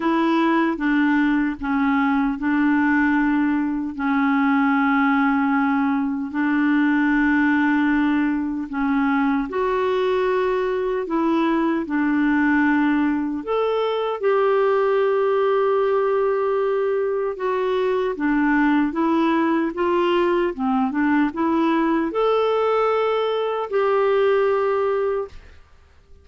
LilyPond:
\new Staff \with { instrumentName = "clarinet" } { \time 4/4 \tempo 4 = 76 e'4 d'4 cis'4 d'4~ | d'4 cis'2. | d'2. cis'4 | fis'2 e'4 d'4~ |
d'4 a'4 g'2~ | g'2 fis'4 d'4 | e'4 f'4 c'8 d'8 e'4 | a'2 g'2 | }